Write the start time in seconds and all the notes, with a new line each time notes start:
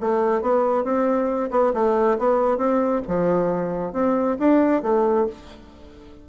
0.00 A3
0.41 B3
0.84 C4
1.51 B3
1.74 A3
2.18 B3
2.57 C4
3.08 F3
3.93 C4
4.39 D4
4.82 A3